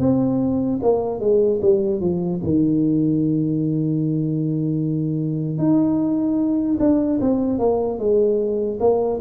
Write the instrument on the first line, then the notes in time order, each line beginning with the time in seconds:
tuba
0.00 C4
0.83 A#3
1.20 G#3
1.62 G3
2.01 F3
2.43 D#3
5.59 D#4
6.80 D4
7.21 C4
7.59 A#3
7.99 G#3
8.80 A#3